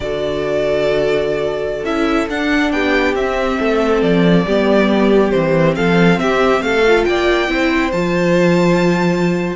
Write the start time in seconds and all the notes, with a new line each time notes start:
0.00 D3 F#4 A4 D5
1.83 C#4 E4 E5
2.29 D4 F#5
2.71 B3 G4 G5
3.14 C4 E5
3.59 A3 A4
4.02 F3 D5
4.46 G3 B3 G4
5.31 E3 C4 C5
5.75 F3 A4 F5
6.19 C4 G4 E5
6.60 A3 A4 F5
6.87 F4
7.04 A#3 D5 G5
7.47 C4 E4 C5
7.92 F3 F4 A5